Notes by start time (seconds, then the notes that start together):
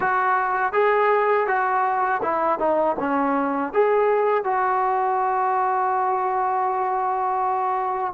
0.00 F#4
0.72 G#4
1.47 F#4
2.22 E4
2.59 D#4
2.99 C#4
3.73 G#4
4.43 F#4